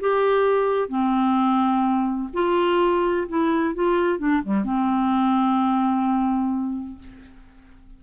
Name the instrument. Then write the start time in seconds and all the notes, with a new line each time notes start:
clarinet
0.00 G4
0.88 C4
2.33 F4
3.28 E4
3.74 F4
4.18 D4
4.43 G3
4.64 C4